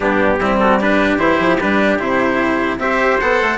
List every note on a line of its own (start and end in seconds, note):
0.00 0.39 G2
0.00 0.41 B3
0.00 0.36 D4
0.00 0.59 G4
0.39 1.17 G3
0.39 0.80 C4
0.39 0.60 E4
0.59 0.81 F#4
0.59 0.79 A4
0.80 1.18 D4
0.80 2.81 G4
0.80 1.18 B4
1.17 1.37 E3
1.17 1.58 E4
1.17 1.58 C5
1.39 1.59 F3
1.59 1.99 G3
1.59 1.98 D4
1.59 1.99 B4
1.98 2.77 C3
1.98 2.78 E4
1.98 2.79 C5
2.77 3.17 C4
2.77 3.19 G4
2.77 3.57 C5
2.77 3.19 E5
3.19 3.41 B3
3.19 3.57 A4
3.19 3.57 F#5
3.41 3.57 A3